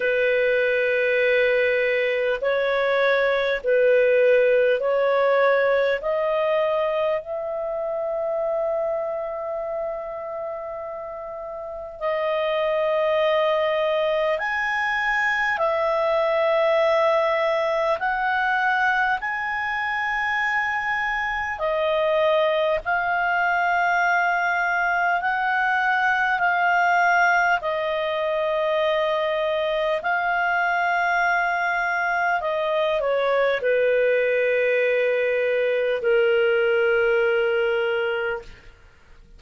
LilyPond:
\new Staff \with { instrumentName = "clarinet" } { \time 4/4 \tempo 4 = 50 b'2 cis''4 b'4 | cis''4 dis''4 e''2~ | e''2 dis''2 | gis''4 e''2 fis''4 |
gis''2 dis''4 f''4~ | f''4 fis''4 f''4 dis''4~ | dis''4 f''2 dis''8 cis''8 | b'2 ais'2 | }